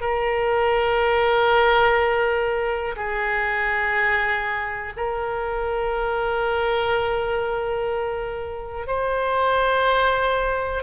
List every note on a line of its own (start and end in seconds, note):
0.00 2.95 A#4
2.96 4.93 G#4
4.96 8.87 A#4
8.87 10.82 C5